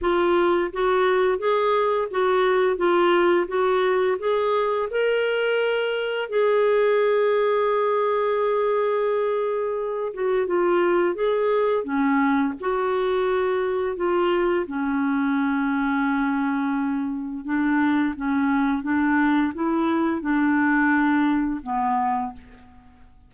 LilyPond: \new Staff \with { instrumentName = "clarinet" } { \time 4/4 \tempo 4 = 86 f'4 fis'4 gis'4 fis'4 | f'4 fis'4 gis'4 ais'4~ | ais'4 gis'2.~ | gis'2~ gis'8 fis'8 f'4 |
gis'4 cis'4 fis'2 | f'4 cis'2.~ | cis'4 d'4 cis'4 d'4 | e'4 d'2 b4 | }